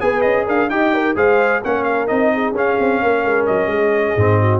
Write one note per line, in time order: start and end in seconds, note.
0.00 0.24 B3
0.00 0.69 G#4
0.00 0.45 B4
0.00 0.21 G#5
0.21 0.47 C#4
0.21 0.44 D#5
0.45 0.69 D4
0.45 0.69 A#4
0.45 0.69 F5
0.69 1.15 D#4
0.69 1.15 G4
0.69 0.94 D#5
0.69 1.15 G5
0.94 1.15 A#4
1.15 1.62 G#3
1.15 1.61 G#4
1.15 1.62 C5
1.15 1.63 F5
1.63 2.10 A#3
1.63 2.07 C#4
1.63 2.32 A#4
1.63 1.83 F#5
1.83 2.06 F5
2.07 2.51 C4
2.07 2.54 D#4
2.07 2.53 D#5
2.33 3.02 G#4
2.51 2.75 C#4
2.51 4.17 C#4
2.51 3.46 F5
2.79 3.02 C4
3.02 3.24 A#3
3.02 3.71 A#4
3.24 3.47 G#3
3.46 3.66 F#3
3.46 4.60 D#5
3.66 4.12 G#3
3.66 4.40 G#4
4.16 4.60 G#2
4.16 4.60 C4
4.40 4.60 F#4